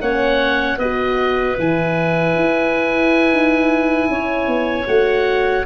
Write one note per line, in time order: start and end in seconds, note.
0.00 0.78 A#3
0.00 0.79 C#4
0.00 0.77 C#5
0.00 0.78 F#5
0.77 1.56 B3
0.77 1.57 F#4
0.77 4.08 B4
0.77 1.57 D#5
1.57 2.35 E3
1.57 4.87 E4
1.57 4.87 G#5
2.35 3.32 E4
3.32 4.09 D#4
4.09 4.47 C#4
4.09 5.65 C#5
4.47 4.86 B3
4.87 5.65 A3
4.87 5.65 F#4
4.87 5.65 F#5